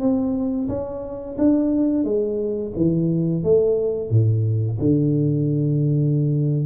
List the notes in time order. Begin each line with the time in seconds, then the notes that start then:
0.00 C4
0.69 C#4
1.38 D4
2.05 G#3
2.76 E3
3.43 A3
4.10 A2
4.79 D3